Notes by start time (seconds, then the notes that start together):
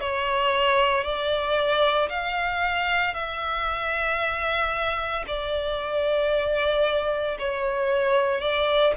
0.00 C#5
1.03 D5
2.09 F5
3.14 E5
5.27 D5
7.39 C#5
8.41 D5